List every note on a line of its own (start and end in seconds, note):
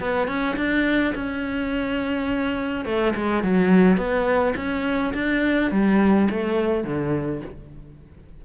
0.00 0.28 B3
0.28 0.56 C#4
0.56 1.14 D4
1.15 2.85 C#4
2.85 3.14 A3
3.16 3.43 G#3
3.43 3.97 F#3
3.97 4.54 B3
4.56 5.13 C#4
5.14 5.71 D4
5.71 6.29 G3
6.30 6.84 A3
6.84 7.42 D3